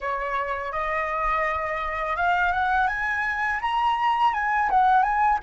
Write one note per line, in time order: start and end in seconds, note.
0.00 0.72 C#5
0.72 2.16 D#5
2.16 2.52 F5
2.52 2.87 F#5
2.87 3.59 G#5
3.61 4.33 A#5
4.33 4.69 G#5
4.70 5.02 F#5
5.02 5.39 G#5